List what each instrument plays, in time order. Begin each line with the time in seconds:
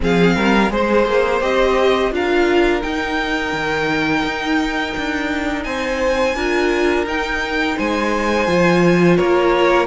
0.00 cello F3, viola C4, violin G#4 F5
0.35 cello G3, violin A#4
0.70 cello G#3, viola G#4, violin C5
1.05 cello A#3
1.40 cello C4, viola G4, violin D#5
2.11 cello D4, viola F4, violin A#4 F5
2.82 viola D#4, cello D#4, violin G5
3.52 cello D#3
4.23 cello D#4
4.97 cello D4
5.63 cello C4, violin C5 G#5
6.35 cello D4, viola F4, violin A#4
7.06 cello D#4, viola D#4, violin G5
7.76 cello G#3, violin C5 G#5
8.47 cello F3, viola F4
9.16 cello A#3, violin A#4 C#5